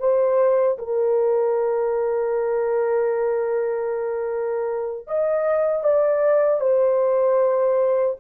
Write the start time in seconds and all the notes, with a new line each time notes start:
0.00 C5
0.79 A#4
5.08 D#5
5.84 D5
6.61 C5